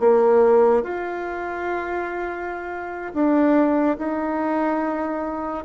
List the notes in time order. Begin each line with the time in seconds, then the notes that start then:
0.00 A#3
0.83 F4
3.14 D4
3.98 D#4